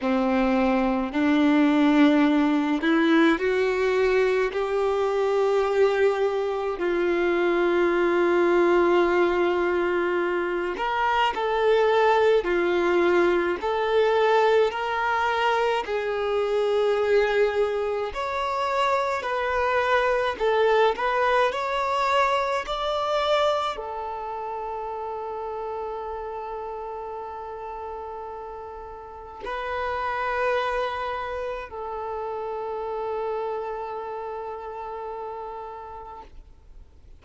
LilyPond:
\new Staff \with { instrumentName = "violin" } { \time 4/4 \tempo 4 = 53 c'4 d'4. e'8 fis'4 | g'2 f'2~ | f'4. ais'8 a'4 f'4 | a'4 ais'4 gis'2 |
cis''4 b'4 a'8 b'8 cis''4 | d''4 a'2.~ | a'2 b'2 | a'1 | }